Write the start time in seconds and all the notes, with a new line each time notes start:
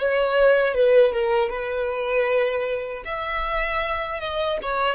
0.00 C#5
0.75 B4
1.13 A#4
1.50 B4
3.05 E5
4.20 D#5
4.63 C#5